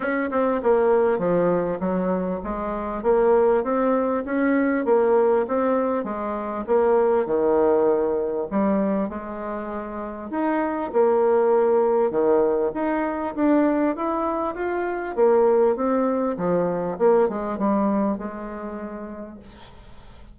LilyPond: \new Staff \with { instrumentName = "bassoon" } { \time 4/4 \tempo 4 = 99 cis'8 c'8 ais4 f4 fis4 | gis4 ais4 c'4 cis'4 | ais4 c'4 gis4 ais4 | dis2 g4 gis4~ |
gis4 dis'4 ais2 | dis4 dis'4 d'4 e'4 | f'4 ais4 c'4 f4 | ais8 gis8 g4 gis2 | }